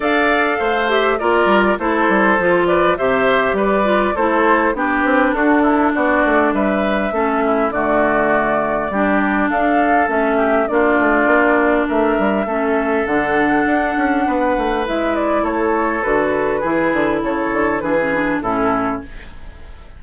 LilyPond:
<<
  \new Staff \with { instrumentName = "flute" } { \time 4/4 \tempo 4 = 101 f''4. e''8 d''4 c''4~ | c''8 d''8 e''4 d''4 c''4 | b'4 a'4 d''4 e''4~ | e''4 d''2. |
f''4 e''4 d''2 | e''2 fis''2~ | fis''4 e''8 d''8 cis''4 b'4~ | b'4 cis''4 b'4 a'4 | }
  \new Staff \with { instrumentName = "oboe" } { \time 4/4 d''4 c''4 ais'4 a'4~ | a'8 b'8 c''4 b'4 a'4 | g'4 fis'8 e'8 fis'4 b'4 | a'8 e'8 fis'2 g'4 |
a'4. g'8 f'2 | ais'4 a'2. | b'2 a'2 | gis'4 a'4 gis'4 e'4 | }
  \new Staff \with { instrumentName = "clarinet" } { \time 4/4 a'4. g'8 f'4 e'4 | f'4 g'4. f'8 e'4 | d'1 | cis'4 a2 d'4~ |
d'4 cis'4 d'2~ | d'4 cis'4 d'2~ | d'4 e'2 fis'4 | e'2 d'16 cis'16 d'8 cis'4 | }
  \new Staff \with { instrumentName = "bassoon" } { \time 4/4 d'4 a4 ais8 g8 a8 g8 | f4 c4 g4 a4 | b8 c'8 d'4 b8 a8 g4 | a4 d2 g4 |
d'4 a4 ais8 a8 ais4 | a8 g8 a4 d4 d'8 cis'8 | b8 a8 gis4 a4 d4 | e8 d8 cis8 d8 e4 a,4 | }
>>